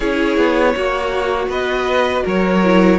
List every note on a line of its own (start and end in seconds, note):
0.00 0.37 C#4
0.00 0.76 E4
0.00 0.73 G#4
0.00 1.49 C#5
0.37 0.74 B3
0.75 1.47 A#3
0.75 1.48 F#4
0.75 2.63 F#4
1.47 2.22 B3
1.47 2.23 B4
1.47 2.26 D#5
2.24 2.98 F#3
2.24 2.98 A#4
2.24 2.98 C#5
2.63 2.98 E4